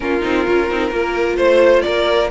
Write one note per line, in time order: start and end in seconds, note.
0.00 0.23 A#3
0.00 0.20 C#4
0.00 0.93 F4
0.00 1.38 A#4
0.20 0.46 C4
0.20 0.44 D#4
0.47 0.70 C#4
0.47 0.70 F4
0.70 0.90 C4
0.70 0.91 D#4
0.90 1.37 A#3
0.90 2.29 F4
0.90 1.36 A#4
1.36 1.83 A3
1.36 1.82 C5
1.36 1.81 C5
1.81 2.30 A#3
1.81 2.30 A#4
1.81 2.28 D5